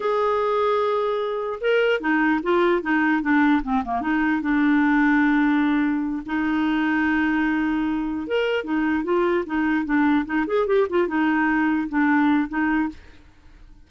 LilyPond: \new Staff \with { instrumentName = "clarinet" } { \time 4/4 \tempo 4 = 149 gis'1 | ais'4 dis'4 f'4 dis'4 | d'4 c'8 ais8 dis'4 d'4~ | d'2.~ d'8 dis'8~ |
dis'1~ | dis'8 ais'4 dis'4 f'4 dis'8~ | dis'8 d'4 dis'8 gis'8 g'8 f'8 dis'8~ | dis'4. d'4. dis'4 | }